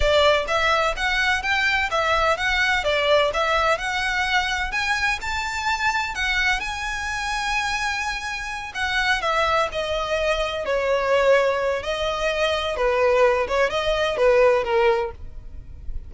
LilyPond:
\new Staff \with { instrumentName = "violin" } { \time 4/4 \tempo 4 = 127 d''4 e''4 fis''4 g''4 | e''4 fis''4 d''4 e''4 | fis''2 gis''4 a''4~ | a''4 fis''4 gis''2~ |
gis''2~ gis''8 fis''4 e''8~ | e''8 dis''2 cis''4.~ | cis''4 dis''2 b'4~ | b'8 cis''8 dis''4 b'4 ais'4 | }